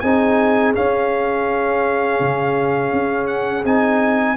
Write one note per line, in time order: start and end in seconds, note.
0.00 0.75 C4
0.00 0.75 D#4
0.00 4.35 G#4
0.00 0.72 G#5
0.75 3.64 C#4
0.75 2.20 C#4
0.75 3.27 F5
2.20 2.92 C#3
2.92 3.64 C#4
3.27 3.63 F#5
3.64 4.37 C4
3.64 4.37 D#4
3.64 4.37 G#5